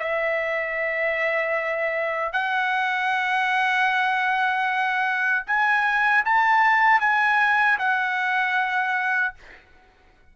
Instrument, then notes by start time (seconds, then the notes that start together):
trumpet
0.00 E5
2.33 F#5
5.47 G#5
6.26 A5
7.01 G#5
7.79 F#5